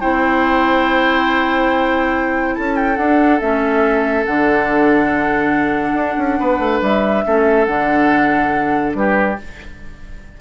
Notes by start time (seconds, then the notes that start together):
0.00 C4 E4 C5 G5
2.55 C#4 A4 A5
2.76 G5
2.97 D4 F#5
3.40 A3 C#4 E5
4.26 D3 D4 F#5
5.94 D4
6.18 C#4
6.40 B3 B4
6.59 A3
6.82 G3 E5
7.26 A3 C#4 A4
7.65 D3 D4 F#5
8.95 G3 G4 B4